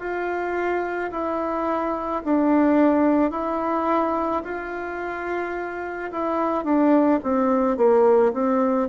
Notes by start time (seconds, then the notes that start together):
0.00 F4
1.12 E4
2.25 D4
3.31 E4
4.44 F4
6.12 E4
6.65 D4
7.23 C4
7.77 A#3
8.33 C4